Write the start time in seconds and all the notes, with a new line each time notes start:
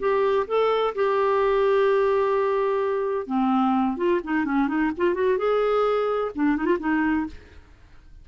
0.00 G4
0.48 A4
0.95 G4
3.27 C4
3.97 F4
4.24 D#4
4.46 C#4
4.68 D#4
4.98 F4
5.15 F#4
5.38 G#4
6.35 D4
6.57 D#4
6.66 F4
6.80 D#4